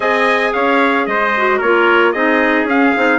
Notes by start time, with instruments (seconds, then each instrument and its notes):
0.00 bassoon C4, clarinet G#4, trumpet D#5 G#5
0.53 bassoon C#4, trumpet C#5 F5
1.06 bassoon G#3, trumpet C5 D#5
1.36 clarinet F#4
1.57 bassoon A#3, clarinet F4, trumpet A#4 C#5
2.12 bassoon C4, clarinet D#4, trumpet G#4 D#5
2.64 bassoon C#4, clarinet C#4, trumpet F5
2.95 bassoon C4, clarinet D#4